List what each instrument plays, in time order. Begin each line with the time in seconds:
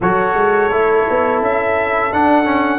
0.00 tuba F#3, trombone F#4, horn A4, trumpet C#5
0.34 tuba G#3
0.69 tuba A3, trombone E4
1.09 tuba B3
1.41 tuba C#4, trumpet E5
2.12 tuba D4, trombone D4, trumpet F#5
2.44 trombone C#4